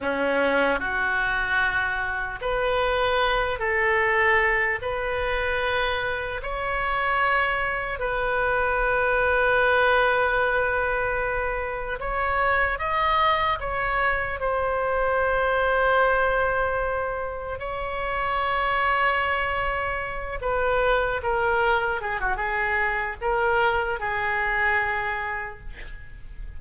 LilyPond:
\new Staff \with { instrumentName = "oboe" } { \time 4/4 \tempo 4 = 75 cis'4 fis'2 b'4~ | b'8 a'4. b'2 | cis''2 b'2~ | b'2. cis''4 |
dis''4 cis''4 c''2~ | c''2 cis''2~ | cis''4. b'4 ais'4 gis'16 fis'16 | gis'4 ais'4 gis'2 | }